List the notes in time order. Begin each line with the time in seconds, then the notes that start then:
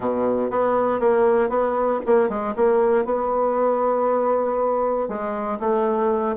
0.00 B2
0.50 B3
1.00 A#3
1.49 B3
2.05 A#3
2.29 G#3
2.56 A#3
3.04 B3
5.08 G#3
5.59 A3